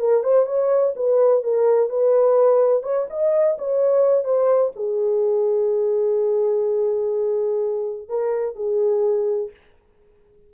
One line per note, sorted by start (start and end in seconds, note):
0.00 0.24 A#4
0.24 0.47 C5
0.47 0.94 C#5
0.97 1.44 B4
1.44 1.90 A#4
1.90 2.83 B4
2.83 3.07 C#5
3.10 3.58 D#5
3.59 4.24 C#5
4.24 4.72 C5
4.76 8.09 G#4
8.09 8.56 A#4
8.56 9.51 G#4